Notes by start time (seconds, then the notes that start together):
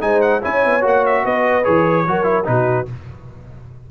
0.00 G#3 D#4 C5 G#5
0.21 F#5
0.41 C#4 E4 C#5 G#5
0.65 B3
0.81 A#3 F#4 F#5
1.06 E5
1.24 B3 B4 D#5
1.64 E3 G#4 C#5
2.07 F#3 F#4 A#4
2.23 E4
2.44 B2 D#4 F#4 B4